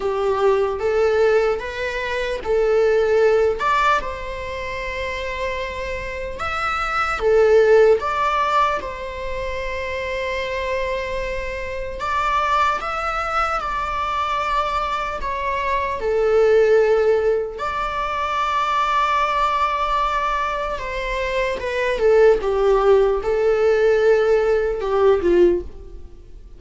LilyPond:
\new Staff \with { instrumentName = "viola" } { \time 4/4 \tempo 4 = 75 g'4 a'4 b'4 a'4~ | a'8 d''8 c''2. | e''4 a'4 d''4 c''4~ | c''2. d''4 |
e''4 d''2 cis''4 | a'2 d''2~ | d''2 c''4 b'8 a'8 | g'4 a'2 g'8 f'8 | }